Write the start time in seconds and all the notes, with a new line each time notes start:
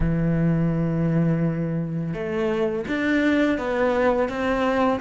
0.00 E3
2.13 A3
2.87 D4
3.57 B3
4.28 C4